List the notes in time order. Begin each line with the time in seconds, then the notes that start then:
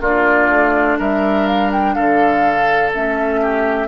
0.00 A#3 D4 F4 D5
0.49 A3
0.98 G3 A#4 E5
1.47 F5
1.72 G5
1.95 D3 A4 F5
2.94 A3 C#4 E5
3.42 G4